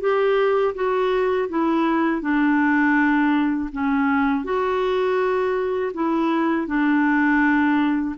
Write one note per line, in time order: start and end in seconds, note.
0.00 0.74 G4
0.74 1.48 F#4
1.49 2.21 E4
2.21 3.69 D4
3.72 4.44 C#4
4.44 5.92 F#4
5.93 6.67 E4
6.67 8.15 D4